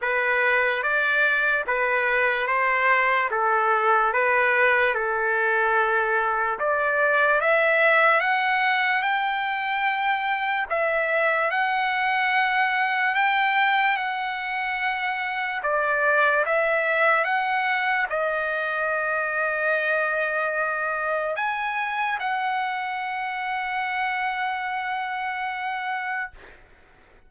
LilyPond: \new Staff \with { instrumentName = "trumpet" } { \time 4/4 \tempo 4 = 73 b'4 d''4 b'4 c''4 | a'4 b'4 a'2 | d''4 e''4 fis''4 g''4~ | g''4 e''4 fis''2 |
g''4 fis''2 d''4 | e''4 fis''4 dis''2~ | dis''2 gis''4 fis''4~ | fis''1 | }